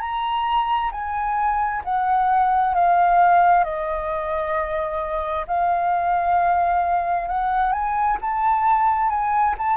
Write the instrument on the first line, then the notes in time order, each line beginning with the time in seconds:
flute
0.00 A#5
0.91 G#5
1.84 F#5
2.74 F5
3.64 D#5
5.47 F5
7.28 F#5
7.72 G#5
8.21 A5
9.10 G#5
9.58 A5